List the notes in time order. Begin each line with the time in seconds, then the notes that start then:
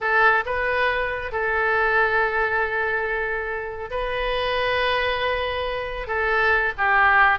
0.01 A4
0.45 B4
1.32 A4
3.90 B4
6.07 A4
6.77 G4